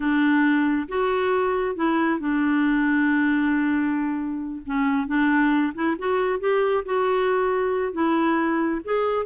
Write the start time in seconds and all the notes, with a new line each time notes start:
0.00 D4
0.88 F#4
1.75 E4
2.19 D4
4.65 C#4
5.07 D4
5.74 E4
5.98 F#4
6.39 G4
6.85 F#4
7.93 E4
8.84 G#4